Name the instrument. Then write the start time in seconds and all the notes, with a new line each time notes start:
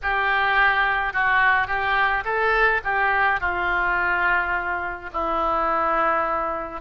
oboe
0.02 G4
1.13 F#4
1.67 G4
2.24 A4
2.84 G4
3.40 F4
5.12 E4